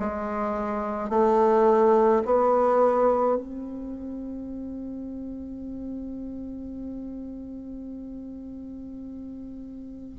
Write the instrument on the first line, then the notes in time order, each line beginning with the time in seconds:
bassoon
0.00 G#3
1.10 A3
2.25 B3
3.37 C4